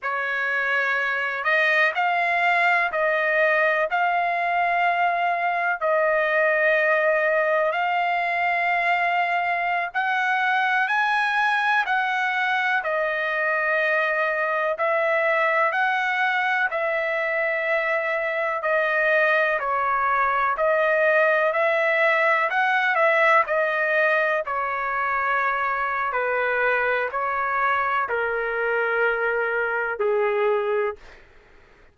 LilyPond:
\new Staff \with { instrumentName = "trumpet" } { \time 4/4 \tempo 4 = 62 cis''4. dis''8 f''4 dis''4 | f''2 dis''2 | f''2~ f''16 fis''4 gis''8.~ | gis''16 fis''4 dis''2 e''8.~ |
e''16 fis''4 e''2 dis''8.~ | dis''16 cis''4 dis''4 e''4 fis''8 e''16~ | e''16 dis''4 cis''4.~ cis''16 b'4 | cis''4 ais'2 gis'4 | }